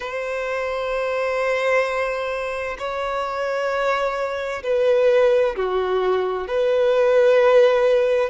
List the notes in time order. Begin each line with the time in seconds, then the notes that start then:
0.00 C5
2.78 C#5
4.63 B4
5.56 F#4
6.47 B4